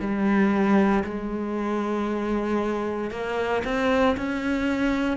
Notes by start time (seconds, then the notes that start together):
0.00 G3
1.04 G#3
3.11 A#3
3.64 C4
4.17 C#4